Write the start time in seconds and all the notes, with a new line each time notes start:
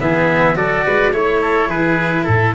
0.00 E3 B3 G#4 E5
0.55 F#3 F#4 A4 D5
0.86 G#3 B4
1.12 A3 E4 C#5
1.41 A4
1.67 E3 G#4 B4
2.24 A2 A4